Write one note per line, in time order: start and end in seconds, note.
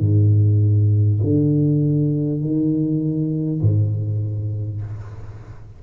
0.00 1.20 G#2
1.23 2.41 D3
2.41 3.61 D#3
3.62 4.82 G#2